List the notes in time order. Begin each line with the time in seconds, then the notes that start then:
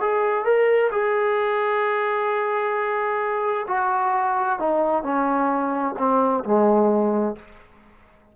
0.00 G#4
0.44 A#4
0.91 G#4
3.67 F#4
4.59 D#4
5.03 C#4
5.98 C4
6.44 G#3